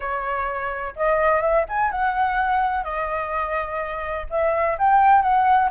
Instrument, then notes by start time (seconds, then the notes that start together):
flute
0.00 C#5
0.96 D#5
1.41 E5
1.69 G#5
1.91 F#5
2.84 D#5
4.29 E5
4.78 G5
5.21 F#5